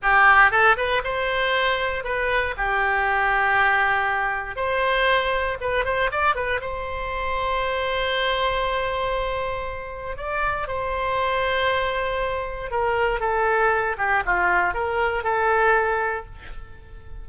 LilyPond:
\new Staff \with { instrumentName = "oboe" } { \time 4/4 \tempo 4 = 118 g'4 a'8 b'8 c''2 | b'4 g'2.~ | g'4 c''2 b'8 c''8 | d''8 b'8 c''2.~ |
c''1 | d''4 c''2.~ | c''4 ais'4 a'4. g'8 | f'4 ais'4 a'2 | }